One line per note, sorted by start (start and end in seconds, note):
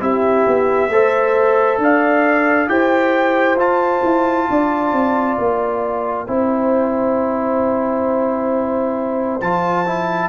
0.00 0.46 C4
0.00 0.90 E4
0.00 0.91 G4
0.00 1.81 E5
0.47 0.89 B3
0.89 1.78 A3
0.89 2.67 A4
0.89 1.81 C5
1.78 2.68 D4
1.78 2.70 D5
1.78 2.69 F5
2.67 3.56 E4
2.67 3.57 G4
2.67 4.49 C5
2.67 3.58 G5
3.56 4.01 F4
3.56 6.27 F4
3.56 5.38 A5
4.03 4.48 E4
4.50 4.92 D4
4.50 6.28 D5
4.92 5.37 C4
5.38 6.28 A#3
5.38 9.41 G5
6.27 9.41 C4
6.27 9.40 E4
6.27 10.29 C5
9.41 10.29 F3
9.41 9.86 F4
9.41 10.29 A5
9.86 10.29 E4